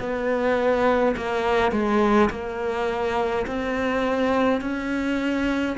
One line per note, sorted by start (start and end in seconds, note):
0.00 1.15 B3
1.17 1.72 A#3
1.72 2.30 G#3
2.31 3.46 A#3
3.47 4.62 C4
4.62 5.77 C#4